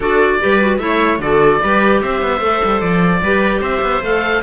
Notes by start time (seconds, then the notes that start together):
0.00 D4 F#4 A4 D5
0.40 G3 G4 B4
0.60 F#4
0.77 A3 E4 C#5 E5
1.18 D3 F#4 A4 D5
1.61 G3 G4 B4
2.01 C4 C5 E5
2.21 B3
2.39 A3 A4
2.64 G3
2.81 F3 D5
3.22 G3 G4 B4
3.61 C4 C5 E5
3.82 B3
4.02 A3 A4 F5